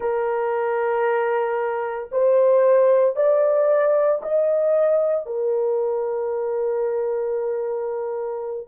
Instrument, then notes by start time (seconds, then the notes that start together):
horn
0.00 A#4
2.11 C5
3.16 D5
4.22 D#5
5.25 A#4